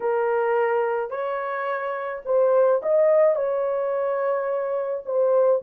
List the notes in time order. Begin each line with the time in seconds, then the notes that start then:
0.00 A#4
1.10 C#5
2.25 C5
2.82 D#5
3.35 C#5
5.05 C5